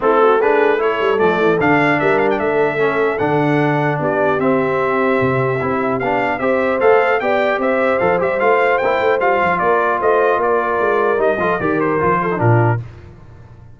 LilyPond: <<
  \new Staff \with { instrumentName = "trumpet" } { \time 4/4 \tempo 4 = 150 a'4 b'4 cis''4 d''4 | f''4 e''8 f''16 g''16 e''2 | fis''2 d''4 e''4~ | e''2. f''4 |
e''4 f''4 g''4 e''4 | f''8 e''8 f''4 g''4 f''4 | d''4 dis''4 d''2 | dis''4 d''8 c''4. ais'4 | }
  \new Staff \with { instrumentName = "horn" } { \time 4/4 e'8 fis'8 gis'4 a'2~ | a'4 ais'4 a'2~ | a'2 g'2~ | g'1 |
c''2 d''4 c''4~ | c''1 | ais'4 c''4 ais'2~ | ais'8 a'8 ais'4. a'8 f'4 | }
  \new Staff \with { instrumentName = "trombone" } { \time 4/4 c'4 d'4 e'4 a4 | d'2. cis'4 | d'2. c'4~ | c'2 e'4 d'4 |
g'4 a'4 g'2 | a'8 g'8 f'4 e'4 f'4~ | f'1 | dis'8 f'8 g'4 f'8. dis'16 d'4 | }
  \new Staff \with { instrumentName = "tuba" } { \time 4/4 a2~ a8 g8 f8 e8 | d4 g4 a2 | d2 b4 c'4~ | c'4 c4 c'4 b4 |
c'4 a4 b4 c'4 | f8 g8 a4 ais8 a8 g8 f8 | ais4 a4 ais4 gis4 | g8 f8 dis4 f4 ais,4 | }
>>